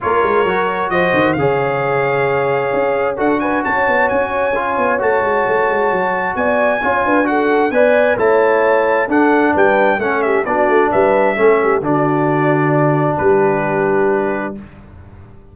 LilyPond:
<<
  \new Staff \with { instrumentName = "trumpet" } { \time 4/4 \tempo 4 = 132 cis''2 dis''4 f''4~ | f''2. fis''8 gis''8 | a''4 gis''2 a''4~ | a''2 gis''2 |
fis''4 gis''4 a''2 | fis''4 g''4 fis''8 e''8 d''4 | e''2 d''2~ | d''4 b'2. | }
  \new Staff \with { instrumentName = "horn" } { \time 4/4 ais'2 c''4 cis''4~ | cis''2. a'8 b'8 | cis''1~ | cis''2 d''4 cis''8 b'8 |
a'4 d''4 cis''2 | a'4 b'4 a'8 g'8 fis'4 | b'4 a'8 g'8 fis'2~ | fis'4 g'2. | }
  \new Staff \with { instrumentName = "trombone" } { \time 4/4 f'4 fis'2 gis'4~ | gis'2. fis'4~ | fis'2 f'4 fis'4~ | fis'2. f'4 |
fis'4 b'4 e'2 | d'2 cis'4 d'4~ | d'4 cis'4 d'2~ | d'1 | }
  \new Staff \with { instrumentName = "tuba" } { \time 4/4 ais8 gis8 fis4 f8 dis8 cis4~ | cis2 cis'4 d'4 | cis'8 b8 cis'4. b8 a8 gis8 | a8 gis8 fis4 b4 cis'8 d'8~ |
d'4 b4 a2 | d'4 g4 a4 b8 a8 | g4 a4 d2~ | d4 g2. | }
>>